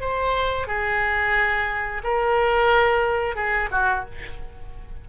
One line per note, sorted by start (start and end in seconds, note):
0.00 0.67 C5
0.67 2.02 G#4
2.03 3.35 A#4
3.35 3.69 G#4
3.71 4.04 F#4